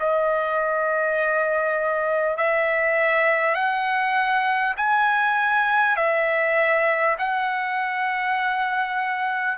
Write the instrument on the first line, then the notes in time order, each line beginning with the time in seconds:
trumpet
0.00 D#5
2.38 E5
3.55 F#5
4.77 G#5
5.97 E5
7.19 F#5